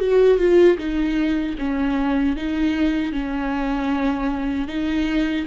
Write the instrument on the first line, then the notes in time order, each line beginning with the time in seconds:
viola
0.00 F#4
0.38 F4
0.78 D#4
1.58 C#4
2.36 D#4
3.12 C#4
4.68 D#4